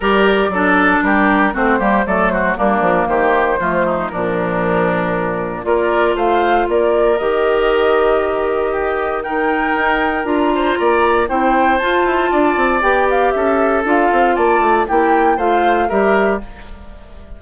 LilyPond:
<<
  \new Staff \with { instrumentName = "flute" } { \time 4/4 \tempo 4 = 117 d''2 ais'4 c''4 | d''8 c''8 ais'4 c''2 | ais'2. d''4 | f''4 d''4 dis''2~ |
dis''2 g''2 | ais''2 g''4 a''4~ | a''4 g''8 f''8 e''4 f''4 | a''4 g''4 f''4 e''4 | }
  \new Staff \with { instrumentName = "oboe" } { \time 4/4 ais'4 a'4 g'4 fis'8 g'8 | a'8 fis'8 d'4 g'4 f'8 dis'8 | d'2. ais'4 | c''4 ais'2.~ |
ais'4 g'4 ais'2~ | ais'8 c''8 d''4 c''2 | d''2 a'2 | d''4 g'4 c''4 ais'4 | }
  \new Staff \with { instrumentName = "clarinet" } { \time 4/4 g'4 d'2 c'8 ais8 | a4 ais2 a4 | f2. f'4~ | f'2 g'2~ |
g'2 dis'2 | f'2 e'4 f'4~ | f'4 g'2 f'4~ | f'4 e'4 f'4 g'4 | }
  \new Staff \with { instrumentName = "bassoon" } { \time 4/4 g4 fis4 g4 a8 g8 | fis4 g8 f8 dis4 f4 | ais,2. ais4 | a4 ais4 dis2~ |
dis2. dis'4 | d'4 ais4 c'4 f'8 e'8 | d'8 c'8 b4 cis'4 d'8 c'8 | ais8 a8 ais4 a4 g4 | }
>>